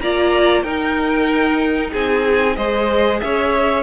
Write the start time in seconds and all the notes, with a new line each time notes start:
0.00 A#3 F4 D5 A#5
0.62 D#4 A#4 G5
1.92 C4 G#4 G#5
2.56 G#3 G#4 C5 D#5
3.20 C#4 C#5 E5